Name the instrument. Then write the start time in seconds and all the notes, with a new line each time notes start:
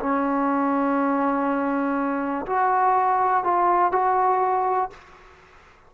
trombone
0.00 C#4
2.47 F#4
3.44 F4
3.93 F#4